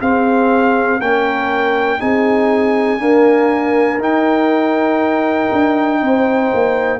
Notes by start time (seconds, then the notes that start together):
0.00 C4 G#4 F5
1.00 A#3 C#4 A#4 G5
1.99 C4 D#4 G#4 G#5
2.99 A#3 D4 A#4
3.99 D#4 G5
5.52 D4
6.02 C4 C5
6.54 A#3